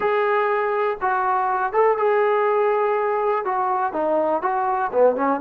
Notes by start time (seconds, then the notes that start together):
0.00 G#4
1.01 F#4
1.72 A4
1.97 G#4
3.44 F#4
3.92 D#4
4.42 F#4
4.92 B3
5.15 C#4